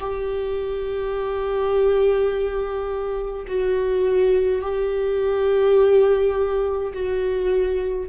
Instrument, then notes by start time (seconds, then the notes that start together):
viola
0.00 G4
3.48 F#4
4.62 G4
6.94 F#4